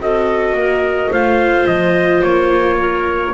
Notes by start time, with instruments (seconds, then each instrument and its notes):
0.00 double bass C4, viola F#4, clarinet A4, trumpet D#5
0.53 double bass A#3, clarinet A#4
1.10 double bass A3, viola F4, clarinet C5, trumpet F5
1.67 double bass F3, trumpet D#5
2.23 double bass A#3, trumpet C#5
2.78 clarinet A#4